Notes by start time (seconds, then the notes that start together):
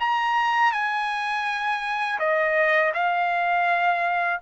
0.00 A#5
0.72 G#5
2.19 D#5
2.94 F5